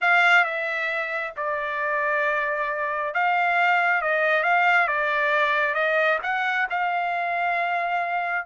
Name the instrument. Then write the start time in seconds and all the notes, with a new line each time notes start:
trumpet
0.01 F5
0.44 E5
1.36 D5
3.13 F5
4.01 D#5
4.43 F5
4.87 D5
5.74 D#5
6.22 F#5
6.69 F5